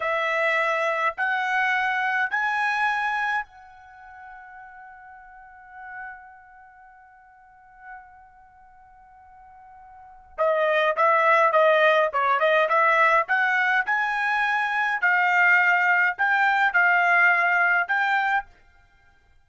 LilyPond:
\new Staff \with { instrumentName = "trumpet" } { \time 4/4 \tempo 4 = 104 e''2 fis''2 | gis''2 fis''2~ | fis''1~ | fis''1~ |
fis''2 dis''4 e''4 | dis''4 cis''8 dis''8 e''4 fis''4 | gis''2 f''2 | g''4 f''2 g''4 | }